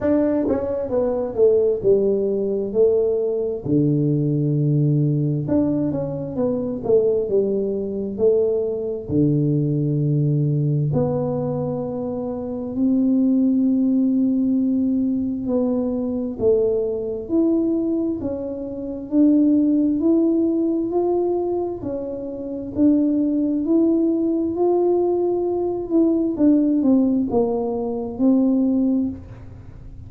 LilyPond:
\new Staff \with { instrumentName = "tuba" } { \time 4/4 \tempo 4 = 66 d'8 cis'8 b8 a8 g4 a4 | d2 d'8 cis'8 b8 a8 | g4 a4 d2 | b2 c'2~ |
c'4 b4 a4 e'4 | cis'4 d'4 e'4 f'4 | cis'4 d'4 e'4 f'4~ | f'8 e'8 d'8 c'8 ais4 c'4 | }